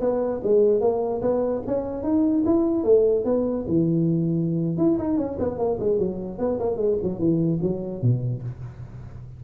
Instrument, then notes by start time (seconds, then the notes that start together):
tuba
0.00 B3
0.43 G#3
0.80 A#3
1.21 B3
1.67 C#4
2.03 D#4
2.45 E4
2.84 A3
3.25 B3
3.67 E3
4.77 E4
4.98 D#4
5.17 C#4
5.39 B3
5.58 A#3
5.80 G#3
5.98 F#3
6.38 B3
6.59 A#3
6.76 G#3
7.02 F#3
7.19 E3
7.62 F#3
8.02 B2